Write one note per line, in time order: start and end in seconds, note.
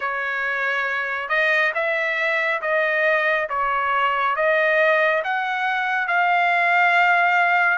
0.00 1.28 C#5
1.28 1.72 D#5
1.74 2.61 E5
2.61 3.48 D#5
3.49 4.36 C#5
4.36 5.23 D#5
5.24 6.07 F#5
6.07 7.78 F5